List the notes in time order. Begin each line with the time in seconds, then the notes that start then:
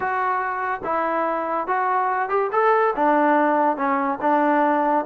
0.00 F#4
0.84 E4
1.67 F#4
2.29 G4
2.52 A4
2.95 D4
3.76 C#4
4.21 D4